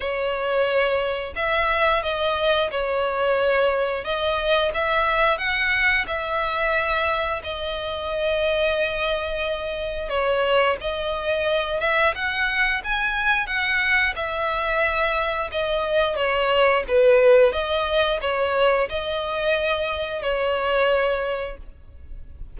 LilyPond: \new Staff \with { instrumentName = "violin" } { \time 4/4 \tempo 4 = 89 cis''2 e''4 dis''4 | cis''2 dis''4 e''4 | fis''4 e''2 dis''4~ | dis''2. cis''4 |
dis''4. e''8 fis''4 gis''4 | fis''4 e''2 dis''4 | cis''4 b'4 dis''4 cis''4 | dis''2 cis''2 | }